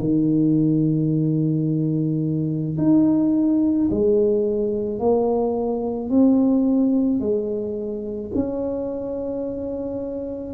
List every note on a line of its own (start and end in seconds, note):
0.00 2.78 D#3
2.78 3.89 D#4
3.91 4.99 G#3
4.99 6.10 A#3
6.10 7.21 C4
7.21 8.32 G#3
8.35 10.54 C#4